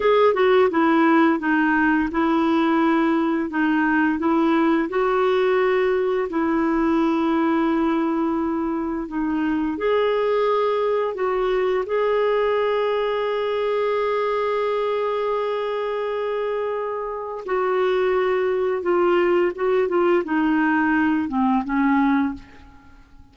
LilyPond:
\new Staff \with { instrumentName = "clarinet" } { \time 4/4 \tempo 4 = 86 gis'8 fis'8 e'4 dis'4 e'4~ | e'4 dis'4 e'4 fis'4~ | fis'4 e'2.~ | e'4 dis'4 gis'2 |
fis'4 gis'2.~ | gis'1~ | gis'4 fis'2 f'4 | fis'8 f'8 dis'4. c'8 cis'4 | }